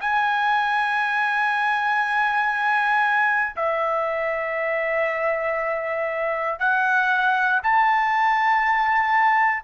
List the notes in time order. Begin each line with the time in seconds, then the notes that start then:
0.00 G#5
3.56 E5
6.59 F#5
7.63 A5